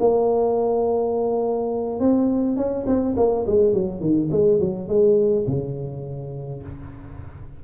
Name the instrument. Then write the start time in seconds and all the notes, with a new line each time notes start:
tuba
0.00 A#3
2.00 C4
2.57 C#4
2.87 C4
3.17 A#3
3.46 G#3
3.74 F#3
4.01 D#3
4.31 G#3
4.60 F#3
4.88 G#3
5.47 C#3